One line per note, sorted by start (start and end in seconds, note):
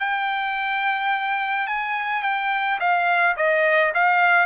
0.00 1.67 G5
1.67 2.23 G#5
2.23 2.79 G5
2.80 3.36 F5
3.37 3.93 D#5
3.95 4.46 F5